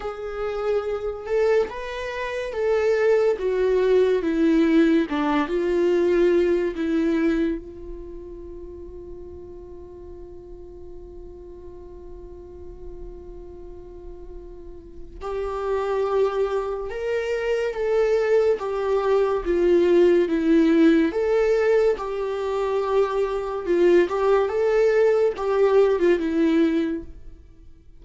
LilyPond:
\new Staff \with { instrumentName = "viola" } { \time 4/4 \tempo 4 = 71 gis'4. a'8 b'4 a'4 | fis'4 e'4 d'8 f'4. | e'4 f'2.~ | f'1~ |
f'2 g'2 | ais'4 a'4 g'4 f'4 | e'4 a'4 g'2 | f'8 g'8 a'4 g'8. f'16 e'4 | }